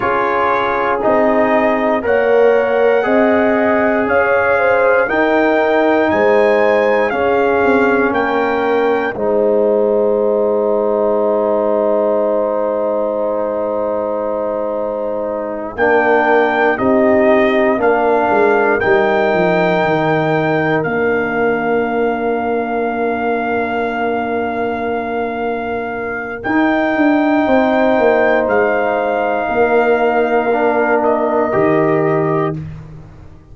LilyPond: <<
  \new Staff \with { instrumentName = "trumpet" } { \time 4/4 \tempo 4 = 59 cis''4 dis''4 fis''2 | f''4 g''4 gis''4 f''4 | g''4 gis''2.~ | gis''2.~ gis''8 g''8~ |
g''8 dis''4 f''4 g''4.~ | g''8 f''2.~ f''8~ | f''2 g''2 | f''2~ f''8 dis''4. | }
  \new Staff \with { instrumentName = "horn" } { \time 4/4 gis'2 cis''4 dis''4 | cis''8 c''8 ais'4 c''4 gis'4 | ais'4 c''2.~ | c''2.~ c''8 ais'8~ |
ais'8 g'4 ais'2~ ais'8~ | ais'1~ | ais'2. c''4~ | c''4 ais'2. | }
  \new Staff \with { instrumentName = "trombone" } { \time 4/4 f'4 dis'4 ais'4 gis'4~ | gis'4 dis'2 cis'4~ | cis'4 dis'2.~ | dis'2.~ dis'8 d'8~ |
d'8 dis'4 d'4 dis'4.~ | dis'8 d'2.~ d'8~ | d'2 dis'2~ | dis'2 d'4 g'4 | }
  \new Staff \with { instrumentName = "tuba" } { \time 4/4 cis'4 c'4 ais4 c'4 | cis'4 dis'4 gis4 cis'8 c'8 | ais4 gis2.~ | gis2.~ gis8 ais8~ |
ais8 c'4 ais8 gis8 g8 f8 dis8~ | dis8 ais2.~ ais8~ | ais2 dis'8 d'8 c'8 ais8 | gis4 ais2 dis4 | }
>>